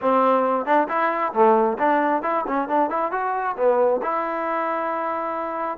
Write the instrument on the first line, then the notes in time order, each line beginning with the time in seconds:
trombone
0.01 C4
0.65 D4
0.88 E4
1.33 A3
1.78 D4
2.22 E4
2.47 C#4
2.68 D4
2.90 E4
3.11 F#4
3.56 B3
4.02 E4